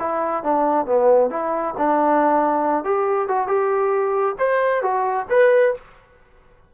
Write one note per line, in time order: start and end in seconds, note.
0.00 0.44 E4
0.44 0.86 D4
0.86 1.30 B3
1.31 1.75 E4
1.78 2.85 D4
2.85 3.28 G4
3.28 3.48 F#4
3.48 4.36 G4
4.39 4.82 C5
4.82 5.27 F#4
5.30 5.74 B4